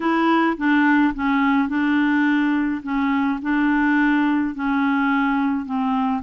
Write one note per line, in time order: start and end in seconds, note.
0.00 0.56 E4
0.57 1.13 D4
1.14 1.68 C#4
1.68 2.81 D4
2.83 3.39 C#4
3.42 4.54 D4
4.54 5.65 C#4
5.65 6.22 C4